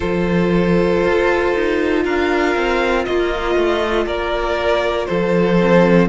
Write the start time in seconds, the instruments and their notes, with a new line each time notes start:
0.00 cello F3, viola F4, violin A4 C5
1.04 cello F4
1.54 cello D#4
2.04 cello D4, violin A#4 F5
2.55 cello C4
3.04 cello A#3, violin F4 D#5
3.55 cello A3
4.06 cello A#3, violin A#4 D5
5.06 cello F3, violin A4 C5
5.59 viola C4